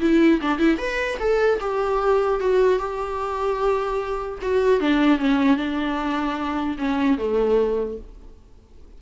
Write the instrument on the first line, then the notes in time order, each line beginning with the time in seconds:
viola
0.00 E4
0.41 D4
0.58 E4
0.77 B4
1.19 A4
1.60 G4
2.40 F#4
2.79 G4
4.41 F#4
4.80 D4
5.18 C#4
5.56 D4
6.78 C#4
7.17 A3